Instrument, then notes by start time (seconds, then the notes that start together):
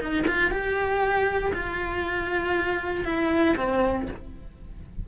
cello
0.00 D#4
0.28 F4
0.51 G4
1.54 F4
3.05 E4
3.57 C4